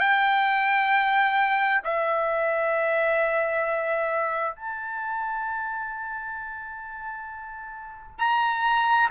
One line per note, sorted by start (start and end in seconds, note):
0.00 1.82 G5
1.84 4.56 E5
4.56 8.19 A5
8.19 9.10 A#5